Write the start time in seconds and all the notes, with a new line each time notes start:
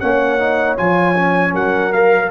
0.00 A#3 C#4 C#5 F#5
0.39 D#4
0.77 F3 F4 G#5
1.16 C#4
1.54 F#3 A#4 F#5
1.93 A#4 F5